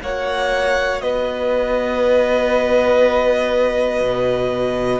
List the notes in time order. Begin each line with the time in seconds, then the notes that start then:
0.00 A#3 F#4 C#5 F#5
1.01 B3 B4 D#5
4.01 B2